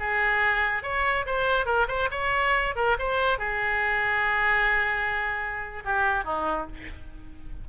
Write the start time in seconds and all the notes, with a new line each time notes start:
0.00 G#4
0.83 C#5
1.26 C5
1.66 A#4
1.88 C5
2.11 C#5
2.76 A#4
2.99 C5
3.39 G#4
5.85 G4
6.25 D#4